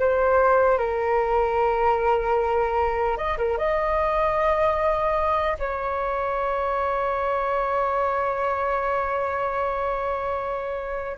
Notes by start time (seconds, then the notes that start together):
0.00 C5
0.79 A#4
3.18 D#5
3.38 A#4
3.58 D#5
5.60 C#5